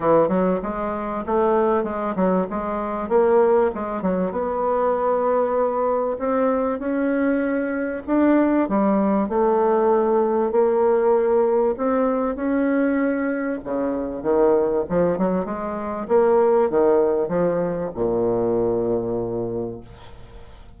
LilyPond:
\new Staff \with { instrumentName = "bassoon" } { \time 4/4 \tempo 4 = 97 e8 fis8 gis4 a4 gis8 fis8 | gis4 ais4 gis8 fis8 b4~ | b2 c'4 cis'4~ | cis'4 d'4 g4 a4~ |
a4 ais2 c'4 | cis'2 cis4 dis4 | f8 fis8 gis4 ais4 dis4 | f4 ais,2. | }